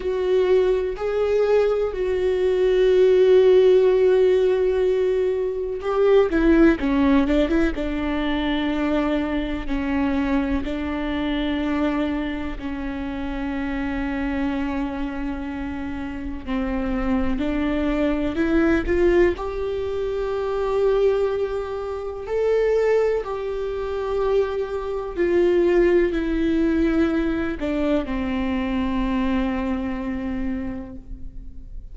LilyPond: \new Staff \with { instrumentName = "viola" } { \time 4/4 \tempo 4 = 62 fis'4 gis'4 fis'2~ | fis'2 g'8 e'8 cis'8 d'16 e'16 | d'2 cis'4 d'4~ | d'4 cis'2.~ |
cis'4 c'4 d'4 e'8 f'8 | g'2. a'4 | g'2 f'4 e'4~ | e'8 d'8 c'2. | }